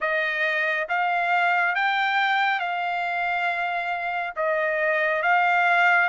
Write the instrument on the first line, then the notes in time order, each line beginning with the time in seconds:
trumpet
0.00 D#5
0.88 F5
1.75 G5
2.59 F5
4.36 D#5
5.22 F5